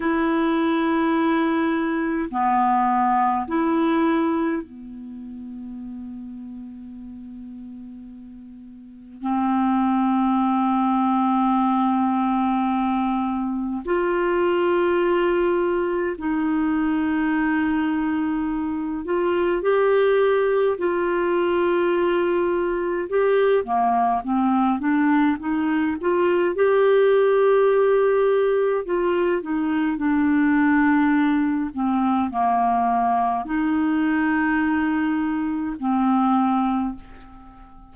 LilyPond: \new Staff \with { instrumentName = "clarinet" } { \time 4/4 \tempo 4 = 52 e'2 b4 e'4 | b1 | c'1 | f'2 dis'2~ |
dis'8 f'8 g'4 f'2 | g'8 ais8 c'8 d'8 dis'8 f'8 g'4~ | g'4 f'8 dis'8 d'4. c'8 | ais4 dis'2 c'4 | }